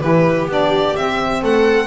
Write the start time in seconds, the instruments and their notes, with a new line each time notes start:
0.00 double bass E3, saxophone E4, viola G4, violin B4
0.46 double bass B3, saxophone D4
0.52 violin D5
0.96 saxophone C4, double bass C4, violin E5
1.42 double bass A3, viola A4, violin F#5